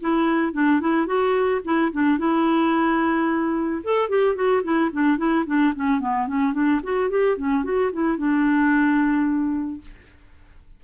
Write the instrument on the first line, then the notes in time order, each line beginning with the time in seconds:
clarinet
0.00 E4
0.53 D4
0.80 E4
1.06 F#4
1.64 E4
1.92 D4
2.18 E4
3.83 A4
4.09 G4
4.35 F#4
4.63 E4
4.92 D4
5.17 E4
5.46 D4
5.75 C#4
6.00 B3
6.27 C#4
6.53 D4
6.83 F#4
7.10 G4
7.37 C#4
7.64 F#4
7.92 E4
8.17 D4